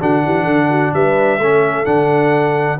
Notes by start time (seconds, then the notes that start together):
0.00 D3 D4 F#4 F#5
0.24 E3 G4
0.44 D3 A4
0.70 F#4
0.93 G3 B4 E5
1.38 A3 C#4 A4
1.85 D3 D4 F#5